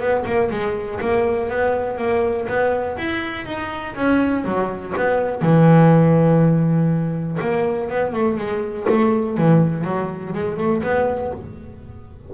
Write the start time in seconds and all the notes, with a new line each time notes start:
0.00 B3
0.26 A#3
0.51 G#3
1.01 A#3
1.50 B3
1.98 A#3
2.48 B3
2.98 E4
3.46 D#4
3.96 C#4
4.45 F#3
4.97 B3
5.42 E3
7.42 A#3
7.90 B3
8.14 A3
8.38 G#3
8.89 A3
9.38 E3
9.85 F#3
10.34 G#3
10.58 A3
10.84 B3